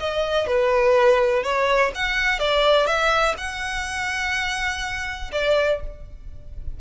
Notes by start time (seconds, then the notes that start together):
0.00 D#5
0.47 B4
1.44 C#5
1.95 F#5
2.40 D5
2.87 E5
3.38 F#5
5.32 D5